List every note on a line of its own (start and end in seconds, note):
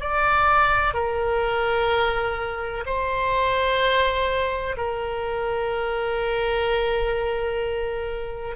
0.00 0.94 D5
0.94 2.84 A#4
2.85 4.76 C5
4.77 8.56 A#4